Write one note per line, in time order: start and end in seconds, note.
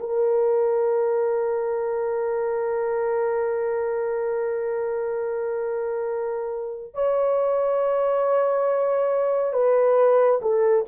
0.00 6.94 A#4
6.94 9.53 C#5
9.53 10.40 B4
10.42 10.85 A4